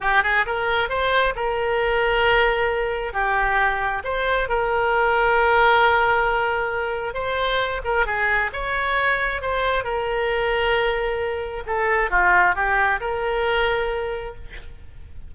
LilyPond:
\new Staff \with { instrumentName = "oboe" } { \time 4/4 \tempo 4 = 134 g'8 gis'8 ais'4 c''4 ais'4~ | ais'2. g'4~ | g'4 c''4 ais'2~ | ais'1 |
c''4. ais'8 gis'4 cis''4~ | cis''4 c''4 ais'2~ | ais'2 a'4 f'4 | g'4 ais'2. | }